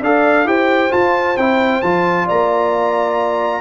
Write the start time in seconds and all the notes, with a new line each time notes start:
0.00 D4 A4 D5 F5
0.45 E4 G4 C5 G5
0.90 F4 A5
1.37 C4 E4 G5
1.81 F3 F4 A5
2.25 A#3 D5 A#5